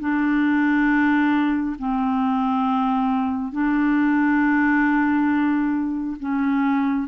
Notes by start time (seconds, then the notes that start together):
0.00 D4
1.78 C4
3.52 D4
6.20 C#4